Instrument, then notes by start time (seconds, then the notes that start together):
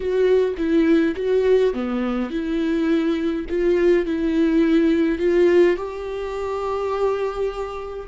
viola
0.00 F#4
0.57 E4
1.16 F#4
1.73 B3
2.30 E4
3.49 F4
4.05 E4
5.18 F4
5.76 G4